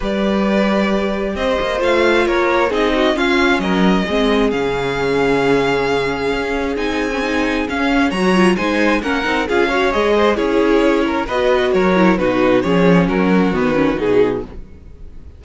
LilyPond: <<
  \new Staff \with { instrumentName = "violin" } { \time 4/4 \tempo 4 = 133 d''2. dis''4 | f''4 cis''4 dis''4 f''4 | dis''2 f''2~ | f''2. gis''4~ |
gis''4 f''4 ais''4 gis''4 | fis''4 f''4 dis''4 cis''4~ | cis''4 dis''4 cis''4 b'4 | cis''4 ais'4 b'4 gis'4 | }
  \new Staff \with { instrumentName = "violin" } { \time 4/4 b'2. c''4~ | c''4 ais'4 gis'8 fis'8 f'4 | ais'4 gis'2.~ | gis'1~ |
gis'2 cis''4 c''4 | ais'4 gis'8 cis''4 c''8 gis'4~ | gis'8 ais'8 b'4 ais'4 fis'4 | gis'4 fis'2. | }
  \new Staff \with { instrumentName = "viola" } { \time 4/4 g'1 | f'2 dis'4 cis'4~ | cis'4 c'4 cis'2~ | cis'2. dis'8. cis'16 |
dis'4 cis'4 fis'8 f'8 dis'4 | cis'8 dis'8 f'8 fis'8 gis'4 e'4~ | e'4 fis'4. e'8 dis'4 | cis'2 b8 cis'8 dis'4 | }
  \new Staff \with { instrumentName = "cello" } { \time 4/4 g2. c'8 ais8 | a4 ais4 c'4 cis'4 | fis4 gis4 cis2~ | cis2 cis'4 c'4~ |
c'4 cis'4 fis4 gis4 | ais8 c'8 cis'4 gis4 cis'4~ | cis'4 b4 fis4 b,4 | f4 fis4 dis4 b,4 | }
>>